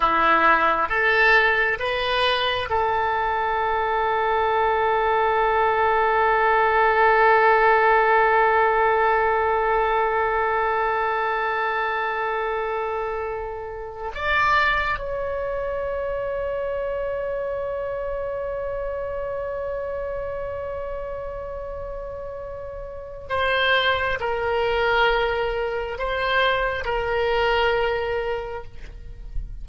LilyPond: \new Staff \with { instrumentName = "oboe" } { \time 4/4 \tempo 4 = 67 e'4 a'4 b'4 a'4~ | a'1~ | a'1~ | a'2.~ a'8. d''16~ |
d''8. cis''2.~ cis''16~ | cis''1~ | cis''2 c''4 ais'4~ | ais'4 c''4 ais'2 | }